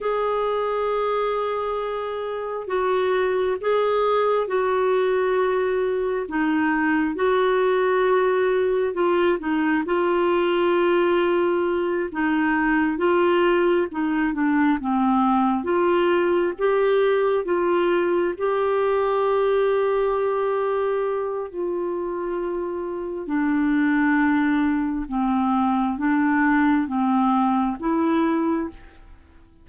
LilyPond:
\new Staff \with { instrumentName = "clarinet" } { \time 4/4 \tempo 4 = 67 gis'2. fis'4 | gis'4 fis'2 dis'4 | fis'2 f'8 dis'8 f'4~ | f'4. dis'4 f'4 dis'8 |
d'8 c'4 f'4 g'4 f'8~ | f'8 g'2.~ g'8 | f'2 d'2 | c'4 d'4 c'4 e'4 | }